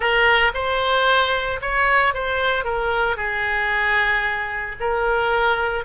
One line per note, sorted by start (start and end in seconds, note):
0.00 0.52 A#4
0.54 1.60 C5
1.61 2.14 C#5
2.14 2.64 C5
2.64 3.16 A#4
3.16 4.75 G#4
4.79 5.84 A#4